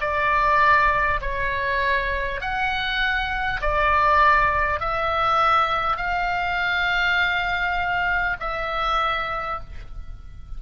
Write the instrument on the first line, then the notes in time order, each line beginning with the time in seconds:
oboe
0.00 D5
1.21 C#5
2.41 F#5
3.61 D5
4.80 E5
5.96 F5
8.40 E5